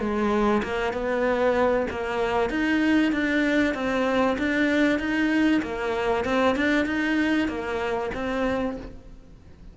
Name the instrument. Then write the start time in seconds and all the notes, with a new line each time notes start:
cello
0.00 G#3
0.63 A#3
0.93 B3
1.91 A#3
2.50 D#4
3.12 D4
3.74 C4
4.38 D4
4.99 D#4
5.62 A#3
6.25 C4
6.56 D4
6.86 D#4
7.48 A#3
8.14 C4